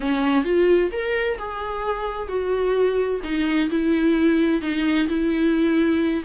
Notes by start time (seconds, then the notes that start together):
0.00 C#4
0.44 F4
0.91 A#4
1.38 G#4
2.28 F#4
3.23 D#4
3.69 E4
4.61 D#4
5.08 E4